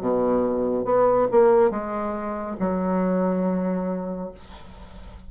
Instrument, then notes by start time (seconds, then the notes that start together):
bassoon
0.00 B2
0.84 B3
1.31 A#3
1.70 G#3
2.59 F#3